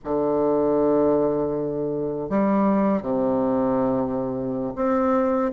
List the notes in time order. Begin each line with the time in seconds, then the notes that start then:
0.04 D3
2.29 G3
3.02 C3
4.75 C4